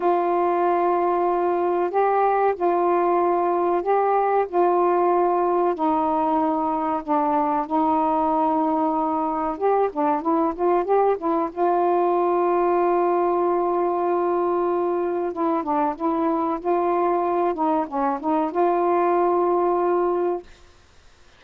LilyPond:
\new Staff \with { instrumentName = "saxophone" } { \time 4/4 \tempo 4 = 94 f'2. g'4 | f'2 g'4 f'4~ | f'4 dis'2 d'4 | dis'2. g'8 d'8 |
e'8 f'8 g'8 e'8 f'2~ | f'1 | e'8 d'8 e'4 f'4. dis'8 | cis'8 dis'8 f'2. | }